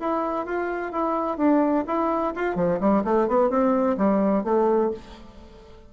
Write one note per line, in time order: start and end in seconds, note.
0.00 0.46 E4
0.46 0.92 F4
0.92 1.38 E4
1.38 1.85 D4
1.87 2.34 E4
2.35 2.56 F4
2.56 2.79 F3
2.80 3.04 G3
3.04 3.28 A3
3.28 3.50 B3
3.50 3.97 C4
3.98 4.44 G3
4.44 4.91 A3